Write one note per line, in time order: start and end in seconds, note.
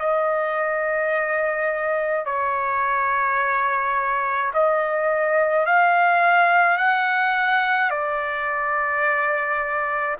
0.00 2.26 D#5
2.26 4.52 C#5
4.54 5.66 D#5
5.66 6.78 F5
6.78 7.91 F#5
7.91 10.17 D5